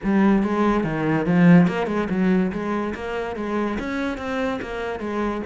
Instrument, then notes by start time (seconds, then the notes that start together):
cello
0.03 G3
0.42 G#3
0.84 D#3
1.26 F3
1.67 A#3
1.87 G#3
2.09 F#3
2.52 G#3
2.94 A#3
3.36 G#3
3.79 C#4
4.17 C4
4.61 A#3
4.99 G#3